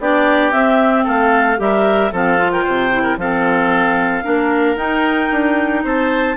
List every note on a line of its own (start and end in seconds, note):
0.00 0.53 B3
0.00 0.52 D4
0.00 1.04 G4
0.00 0.52 D5
0.52 1.57 C4
0.52 1.06 C4
0.52 1.05 E5
1.04 1.59 A3
1.04 1.58 A4
1.04 1.61 F5
1.57 2.12 G3
1.57 2.10 G4
1.57 2.12 A#4
1.57 2.14 E5
2.12 2.65 F3
2.12 2.38 C4
2.12 2.52 A4
2.12 2.52 F5
2.38 2.91 F4
2.52 2.64 A#4
2.52 3.18 G5
2.64 3.17 C3
2.64 3.03 C5
2.92 3.18 E4
3.03 3.16 A#4
3.17 4.23 F3
3.17 4.23 C4
3.17 4.24 A4
3.17 4.77 F5
4.23 4.76 A#3
4.23 4.77 D4
4.23 5.84 A#4
4.76 5.29 D#4
4.76 6.37 D#4
4.76 5.84 G5
5.32 5.85 D4
5.84 6.37 C4
5.84 6.37 C5
5.84 6.37 A5